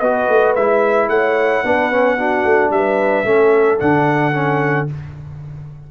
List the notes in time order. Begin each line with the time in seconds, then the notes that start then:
0.00 B3 F#4 B4 D#5
0.29 A3
0.56 G#3 E4 E5
1.09 A3 C#5 F#5
1.64 B3 D4 B4
1.92 C#4
2.18 D4 F#4
2.45 A3
2.71 G3 B4 E5
3.25 A3 C#4 A4
3.80 D3 D4 F#5
4.33 C#4